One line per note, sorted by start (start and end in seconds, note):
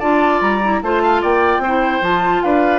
0.00 0.42 D4
0.00 0.61 F4
0.00 0.81 D5
0.00 0.41 A5
0.42 0.82 G3
0.42 0.82 A#5
0.64 0.84 E4
0.82 1.23 A3
0.82 1.65 F4
0.82 1.03 C5
0.82 1.23 A5
1.03 1.22 F5
1.22 1.59 A#3
1.22 1.62 D5
1.22 2.04 G5
1.59 1.99 C4
1.59 2.43 C5
1.66 2.03 E4
2.02 2.42 F3
2.02 2.79 F4
2.02 2.43 A5
2.43 2.79 D4
2.43 2.79 B4
2.43 2.79 F5